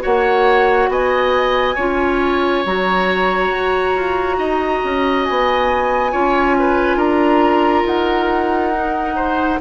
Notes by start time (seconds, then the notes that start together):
0.00 A#3 F#4 C#5 F#5
0.88 B3 D#5 G#5
1.75 C#4 F4 C#5
2.65 F#3 F#4 A#5
3.50 F#4
3.96 F4
4.38 D#4 D#5
4.84 C#4
5.25 B3 G#5
6.11 C#4 F4 C#5
6.59 B4
6.96 D4 A#4 A#5
7.86 D#4 F#5
8.73 D#4
9.15 C5